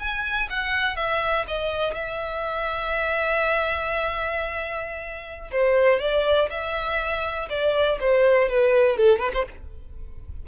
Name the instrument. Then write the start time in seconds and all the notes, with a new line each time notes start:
violin
0.00 G#5
0.50 F#5
0.97 E5
1.48 D#5
1.95 E5
5.52 C5
6.00 D5
6.51 E5
7.50 D5
8.01 C5
8.49 B4
8.98 A4
9.20 B4
9.34 C5